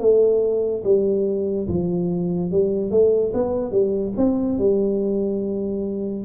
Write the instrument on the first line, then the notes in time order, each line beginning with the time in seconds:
tuba
0.00 A3
0.84 G3
1.69 F3
2.52 G3
2.91 A3
3.34 B3
3.72 G3
4.17 C4
4.59 G3